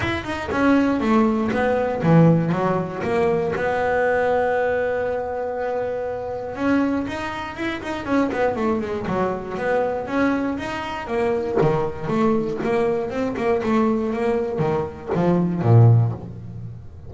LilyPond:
\new Staff \with { instrumentName = "double bass" } { \time 4/4 \tempo 4 = 119 e'8 dis'8 cis'4 a4 b4 | e4 fis4 ais4 b4~ | b1~ | b4 cis'4 dis'4 e'8 dis'8 |
cis'8 b8 a8 gis8 fis4 b4 | cis'4 dis'4 ais4 dis4 | a4 ais4 c'8 ais8 a4 | ais4 dis4 f4 ais,4 | }